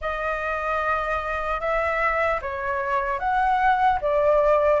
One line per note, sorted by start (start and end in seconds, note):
0.01 1.60 D#5
1.60 2.40 E5
2.41 3.19 C#5
3.19 3.99 F#5
4.01 4.80 D5